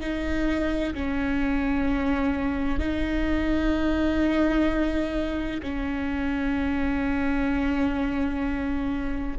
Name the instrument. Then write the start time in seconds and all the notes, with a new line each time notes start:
viola
0.00 D#4
0.94 C#4
2.79 D#4
5.62 C#4